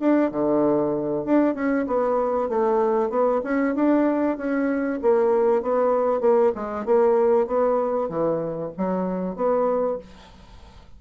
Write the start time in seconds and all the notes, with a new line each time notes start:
0.00 D4
0.32 D3
1.25 D4
1.55 C#4
1.87 B3
2.49 A3
3.10 B3
3.44 C#4
3.75 D4
4.38 C#4
5.02 A#3
5.62 B3
6.21 A#3
6.55 G#3
6.86 A#3
7.47 B3
8.09 E3
8.78 F#3
9.36 B3